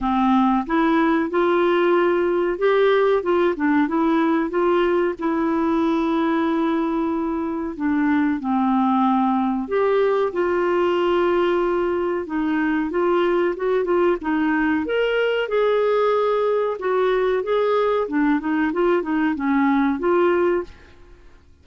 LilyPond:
\new Staff \with { instrumentName = "clarinet" } { \time 4/4 \tempo 4 = 93 c'4 e'4 f'2 | g'4 f'8 d'8 e'4 f'4 | e'1 | d'4 c'2 g'4 |
f'2. dis'4 | f'4 fis'8 f'8 dis'4 ais'4 | gis'2 fis'4 gis'4 | d'8 dis'8 f'8 dis'8 cis'4 f'4 | }